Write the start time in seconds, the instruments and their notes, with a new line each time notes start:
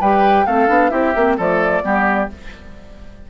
0.00 bassoon G3, clarinet G4, oboe B4, flute G5
0.46 bassoon A3, clarinet C4, oboe A4, flute F5
0.67 bassoon B3, clarinet D4
0.90 bassoon C4, clarinet E4, oboe G4, flute E5
1.15 bassoon A#3, clarinet C4
1.37 bassoon F3, clarinet A3, oboe A4, flute D5
1.82 bassoon G3, clarinet B3, oboe G4